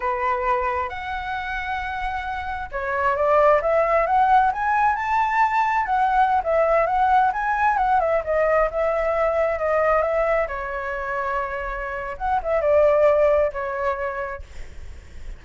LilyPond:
\new Staff \with { instrumentName = "flute" } { \time 4/4 \tempo 4 = 133 b'2 fis''2~ | fis''2 cis''4 d''4 | e''4 fis''4 gis''4 a''4~ | a''4 fis''4~ fis''16 e''4 fis''8.~ |
fis''16 gis''4 fis''8 e''8 dis''4 e''8.~ | e''4~ e''16 dis''4 e''4 cis''8.~ | cis''2. fis''8 e''8 | d''2 cis''2 | }